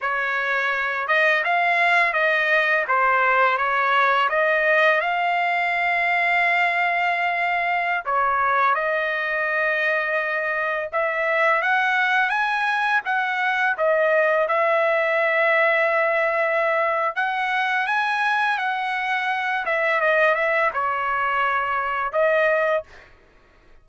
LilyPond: \new Staff \with { instrumentName = "trumpet" } { \time 4/4 \tempo 4 = 84 cis''4. dis''8 f''4 dis''4 | c''4 cis''4 dis''4 f''4~ | f''2.~ f''16 cis''8.~ | cis''16 dis''2. e''8.~ |
e''16 fis''4 gis''4 fis''4 dis''8.~ | dis''16 e''2.~ e''8. | fis''4 gis''4 fis''4. e''8 | dis''8 e''8 cis''2 dis''4 | }